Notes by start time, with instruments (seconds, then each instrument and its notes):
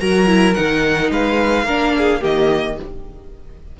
0.00 cello F#3, viola F#4, violin A#4 A#5
0.27 viola E4
0.54 cello D#3, viola D#4, violin F#5
1.11 cello G#3, violin B4 F5
1.65 cello A#3, viola D4, violin A#4
1.98 violin G#4
2.21 cello D#3, viola A#3, violin G4 D#5